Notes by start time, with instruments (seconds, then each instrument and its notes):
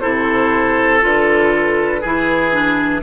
0.00 bassoon C3, clarinet E4, oboe A4, flute C5
1.01 bassoon D3, clarinet F4, flute B4
2.01 bassoon E3, clarinet E4, oboe G#4
2.51 clarinet D4